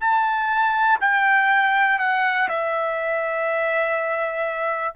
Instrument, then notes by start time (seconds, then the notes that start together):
trumpet
0.00 A5
1.00 G5
1.99 F#5
2.48 E5